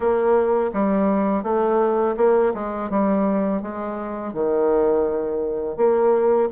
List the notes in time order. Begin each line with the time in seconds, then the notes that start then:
0.00 A#3
0.73 G3
1.43 A3
2.16 A#3
2.54 G#3
2.90 G3
3.62 G#3
4.33 D#3
5.76 A#3